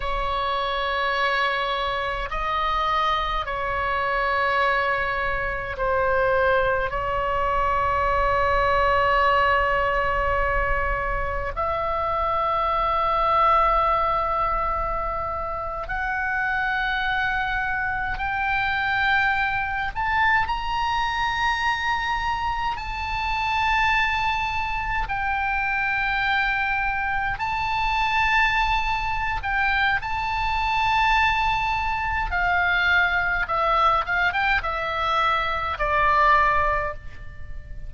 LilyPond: \new Staff \with { instrumentName = "oboe" } { \time 4/4 \tempo 4 = 52 cis''2 dis''4 cis''4~ | cis''4 c''4 cis''2~ | cis''2 e''2~ | e''4.~ e''16 fis''2 g''16~ |
g''4~ g''16 a''8 ais''2 a''16~ | a''4.~ a''16 g''2 a''16~ | a''4. g''8 a''2 | f''4 e''8 f''16 g''16 e''4 d''4 | }